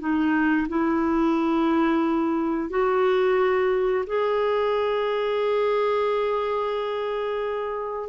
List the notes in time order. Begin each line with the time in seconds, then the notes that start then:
0.00 D#4
0.69 E4
2.70 F#4
4.07 G#4